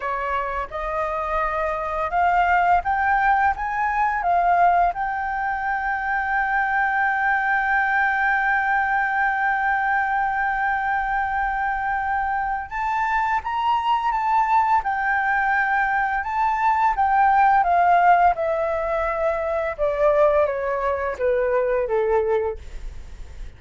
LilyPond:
\new Staff \with { instrumentName = "flute" } { \time 4/4 \tempo 4 = 85 cis''4 dis''2 f''4 | g''4 gis''4 f''4 g''4~ | g''1~ | g''1~ |
g''2 a''4 ais''4 | a''4 g''2 a''4 | g''4 f''4 e''2 | d''4 cis''4 b'4 a'4 | }